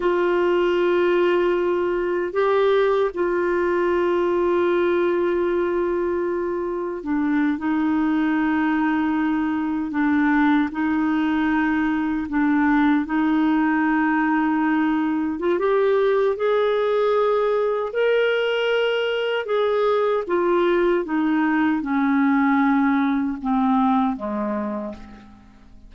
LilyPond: \new Staff \with { instrumentName = "clarinet" } { \time 4/4 \tempo 4 = 77 f'2. g'4 | f'1~ | f'4 d'8. dis'2~ dis'16~ | dis'8. d'4 dis'2 d'16~ |
d'8. dis'2. f'16 | g'4 gis'2 ais'4~ | ais'4 gis'4 f'4 dis'4 | cis'2 c'4 gis4 | }